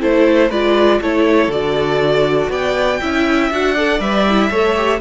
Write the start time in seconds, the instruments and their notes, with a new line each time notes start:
0.00 cello A3, viola E4, violin A4 C5
0.50 cello G#3, viola F4, violin B4 D5
1.02 cello A3, viola E4, violin A4 C#5
1.48 cello D3, viola F#4, violin D5
2.50 cello B3, violin D5 G5
3.02 cello C#4, viola E4, violin E5
3.51 cello D4, viola F#4, violin F#5
3.75 viola A4, violin D5
4.00 cello G3, viola B4, violin E5
4.29 viola E4
4.51 cello A3, viola A4, violin C#5
4.77 viola G4